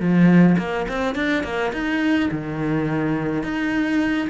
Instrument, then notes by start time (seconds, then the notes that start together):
cello
0.00 F3
0.58 A#3
0.89 C4
1.16 D4
1.44 A#3
1.73 D#4
2.32 D#3
3.43 D#4